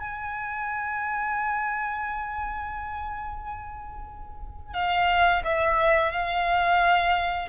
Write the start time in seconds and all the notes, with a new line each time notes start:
0.00 G#5
4.74 F5
5.44 E5
6.12 F5